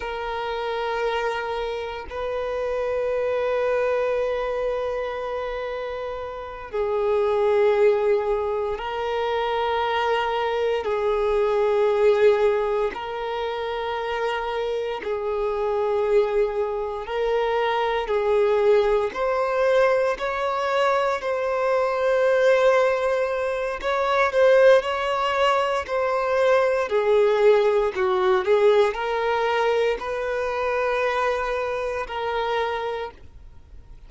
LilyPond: \new Staff \with { instrumentName = "violin" } { \time 4/4 \tempo 4 = 58 ais'2 b'2~ | b'2~ b'8 gis'4.~ | gis'8 ais'2 gis'4.~ | gis'8 ais'2 gis'4.~ |
gis'8 ais'4 gis'4 c''4 cis''8~ | cis''8 c''2~ c''8 cis''8 c''8 | cis''4 c''4 gis'4 fis'8 gis'8 | ais'4 b'2 ais'4 | }